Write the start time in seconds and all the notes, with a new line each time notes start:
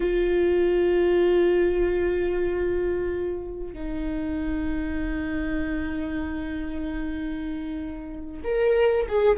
0.00 F4
3.73 D#4
8.44 A#4
9.08 G#4